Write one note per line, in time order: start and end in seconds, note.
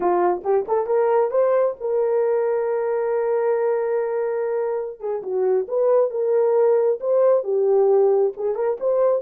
0.00 0.42 F4
0.43 0.66 G4
0.68 0.86 A4
0.86 1.31 A#4
1.31 1.75 C5
1.80 4.99 A#4
4.99 5.22 G#4
5.22 5.66 F#4
5.68 6.10 B4
6.10 6.99 A#4
7.00 7.43 C5
7.43 8.32 G4
8.36 8.55 G#4
8.55 8.77 A#4
8.80 9.22 C5